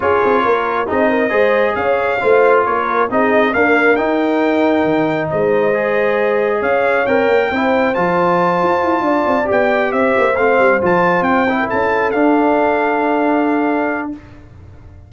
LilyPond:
<<
  \new Staff \with { instrumentName = "trumpet" } { \time 4/4 \tempo 4 = 136 cis''2 dis''2 | f''2 cis''4 dis''4 | f''4 g''2. | dis''2. f''4 |
g''2 a''2~ | a''4. g''4 e''4 f''8~ | f''8 a''4 g''4 a''4 f''8~ | f''1 | }
  \new Staff \with { instrumentName = "horn" } { \time 4/4 gis'4 ais'4 gis'8 ais'8 c''4 | cis''4 c''4 ais'4 gis'4 | ais'1 | c''2. cis''4~ |
cis''4 c''2.~ | c''8 d''2 c''4.~ | c''2~ c''16 ais'16 a'4.~ | a'1 | }
  \new Staff \with { instrumentName = "trombone" } { \time 4/4 f'2 dis'4 gis'4~ | gis'4 f'2 dis'4 | ais4 dis'2.~ | dis'4 gis'2. |
ais'4 e'4 f'2~ | f'4. g'2 c'8~ | c'8 f'4. e'4. d'8~ | d'1 | }
  \new Staff \with { instrumentName = "tuba" } { \time 4/4 cis'8 c'8 ais4 c'4 gis4 | cis'4 a4 ais4 c'4 | d'4 dis'2 dis4 | gis2. cis'4 |
c'8 ais8 c'4 f4. f'8 | e'8 d'8 c'8 b4 c'8 ais8 a8 | g8 f4 c'4 cis'4 d'8~ | d'1 | }
>>